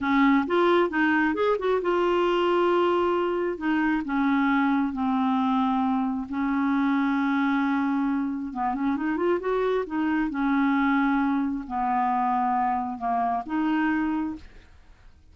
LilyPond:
\new Staff \with { instrumentName = "clarinet" } { \time 4/4 \tempo 4 = 134 cis'4 f'4 dis'4 gis'8 fis'8 | f'1 | dis'4 cis'2 c'4~ | c'2 cis'2~ |
cis'2. b8 cis'8 | dis'8 f'8 fis'4 dis'4 cis'4~ | cis'2 b2~ | b4 ais4 dis'2 | }